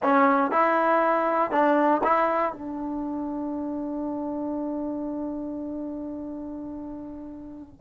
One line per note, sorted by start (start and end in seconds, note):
0.02 0.51 C#4
0.51 1.51 E4
1.51 2.01 D4
2.03 2.52 E4
2.52 7.81 D4